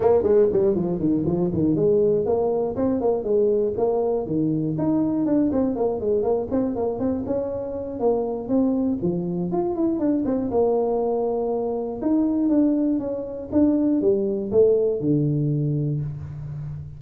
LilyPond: \new Staff \with { instrumentName = "tuba" } { \time 4/4 \tempo 4 = 120 ais8 gis8 g8 f8 dis8 f8 dis8 gis8~ | gis8 ais4 c'8 ais8 gis4 ais8~ | ais8 dis4 dis'4 d'8 c'8 ais8 | gis8 ais8 c'8 ais8 c'8 cis'4. |
ais4 c'4 f4 f'8 e'8 | d'8 c'8 ais2. | dis'4 d'4 cis'4 d'4 | g4 a4 d2 | }